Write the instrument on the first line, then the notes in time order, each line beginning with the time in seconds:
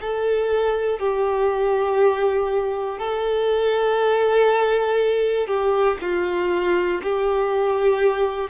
violin
0.00 A4
0.99 G4
2.99 A4
5.47 G4
6.00 F4
7.02 G4